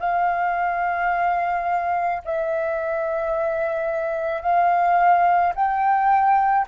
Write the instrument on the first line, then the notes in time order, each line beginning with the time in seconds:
flute
0.00 F5
2.25 E5
4.42 F5
5.55 G5